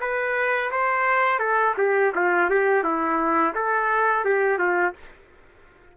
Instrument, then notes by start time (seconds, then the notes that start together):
trumpet
0.00 B4
0.71 C5
1.39 A4
1.77 G4
2.15 F4
2.50 G4
2.83 E4
3.55 A4
4.24 G4
4.58 F4